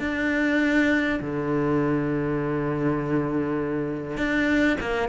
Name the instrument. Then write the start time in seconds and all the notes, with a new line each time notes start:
cello
0.00 D4
1.21 D3
4.17 D4
4.81 A#3